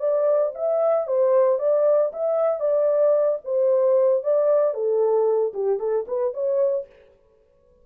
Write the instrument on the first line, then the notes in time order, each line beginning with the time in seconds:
horn
0.00 D5
0.55 E5
1.07 C5
1.59 D5
2.13 E5
2.60 D5
3.45 C5
4.23 D5
4.74 A4
5.54 G4
5.80 A4
6.08 B4
6.34 C#5